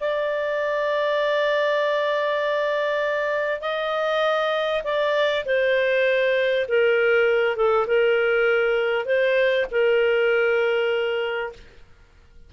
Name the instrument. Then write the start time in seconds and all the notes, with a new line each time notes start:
clarinet
0.00 D5
3.61 D#5
4.84 D5
5.45 C5
6.68 A#4
7.56 A4
7.87 A#4
9.05 C5
9.71 A#4